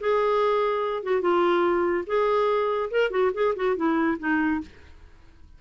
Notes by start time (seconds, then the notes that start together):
0.00 G#4
1.03 F#4
1.21 F4
2.06 G#4
2.91 A#4
3.11 F#4
3.34 G#4
3.56 F#4
3.76 E4
4.19 D#4